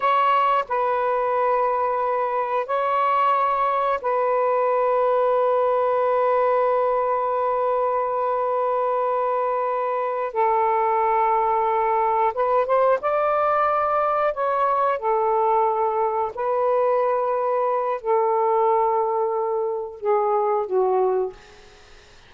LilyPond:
\new Staff \with { instrumentName = "saxophone" } { \time 4/4 \tempo 4 = 90 cis''4 b'2. | cis''2 b'2~ | b'1~ | b'2.~ b'8 a'8~ |
a'2~ a'8 b'8 c''8 d''8~ | d''4. cis''4 a'4.~ | a'8 b'2~ b'8 a'4~ | a'2 gis'4 fis'4 | }